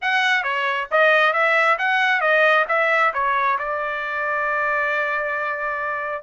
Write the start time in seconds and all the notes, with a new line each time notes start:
0.01 F#5
0.43 C#5
0.91 D#5
1.33 E5
1.78 F#5
2.20 D#5
2.68 E5
3.13 C#5
3.58 D5